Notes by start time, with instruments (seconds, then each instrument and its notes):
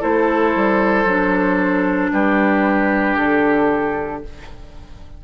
0.00 bassoon A3, clarinet E4, oboe A4, flute C5
0.56 bassoon G3
1.05 bassoon F#3, clarinet D4
2.11 bassoon G3, oboe G4, flute B4
3.16 bassoon D3, flute A4